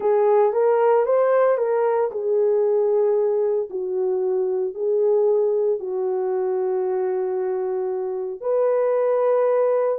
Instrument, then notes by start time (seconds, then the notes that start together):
horn
0.00 G#4
0.53 A#4
1.05 C5
1.57 A#4
2.11 G#4
3.70 F#4
4.74 G#4
5.79 F#4
8.40 B4